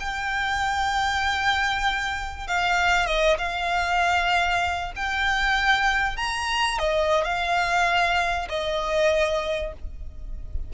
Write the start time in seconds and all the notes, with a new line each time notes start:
0.00 G5
2.48 F5
3.06 D#5
3.38 F5
4.96 G5
6.17 A#5
6.78 D#5
7.24 F5
8.49 D#5